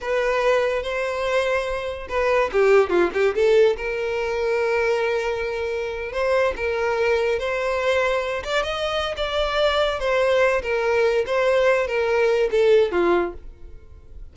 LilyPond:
\new Staff \with { instrumentName = "violin" } { \time 4/4 \tempo 4 = 144 b'2 c''2~ | c''4 b'4 g'4 f'8 g'8 | a'4 ais'2.~ | ais'2~ ais'8. c''4 ais'16~ |
ais'4.~ ais'16 c''2~ c''16~ | c''16 d''8 dis''4~ dis''16 d''2 | c''4. ais'4. c''4~ | c''8 ais'4. a'4 f'4 | }